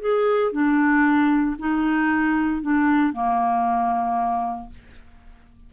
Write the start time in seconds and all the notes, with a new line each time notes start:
0.00 G#4
0.51 D4
1.58 D#4
2.62 D4
3.13 A#3